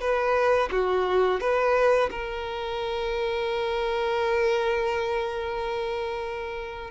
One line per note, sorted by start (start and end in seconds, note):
0.00 0.69 B4
0.71 1.40 F#4
1.40 2.09 B4
2.10 6.91 A#4